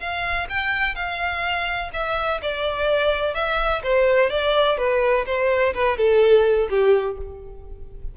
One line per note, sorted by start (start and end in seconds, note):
0.00 0.48 F5
0.50 0.96 G5
0.96 1.91 F5
1.94 2.41 E5
2.43 3.35 D5
3.35 3.82 E5
3.84 4.31 C5
4.31 4.78 D5
4.78 5.26 B4
5.26 5.74 C5
5.74 5.98 B4
5.98 6.69 A4
6.70 7.18 G4